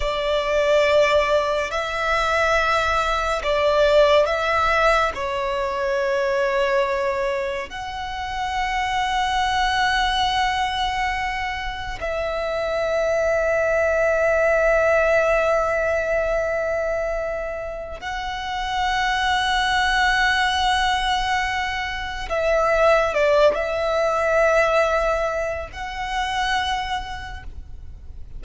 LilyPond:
\new Staff \with { instrumentName = "violin" } { \time 4/4 \tempo 4 = 70 d''2 e''2 | d''4 e''4 cis''2~ | cis''4 fis''2.~ | fis''2 e''2~ |
e''1~ | e''4 fis''2.~ | fis''2 e''4 d''8 e''8~ | e''2 fis''2 | }